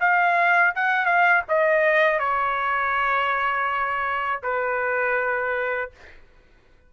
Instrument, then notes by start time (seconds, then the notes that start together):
trumpet
0.00 F5
0.75 F#5
1.05 F5
1.48 D#5
2.19 C#5
4.42 B4